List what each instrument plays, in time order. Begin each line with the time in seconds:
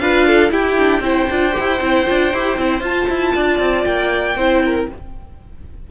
0.00 cello D4, viola F4, violin B4 F5
0.27 violin A4
0.50 viola E4, cello E4, violin G4 G5
0.79 viola D4
1.00 cello C4, viola E4, violin C5
1.30 cello D4, viola F4
1.52 viola G4
1.60 cello E4
1.81 cello C4, viola E4
2.06 cello D4, viola F4
2.33 cello E4, viola G4
2.57 cello C4, viola E4
2.81 cello F4, viola F4, violin A5
3.10 cello E4
3.35 cello D4, violin D5
3.60 cello C4
3.85 cello A#3, violin G5
4.36 cello C4, viola E4, violin C5
4.65 violin A#4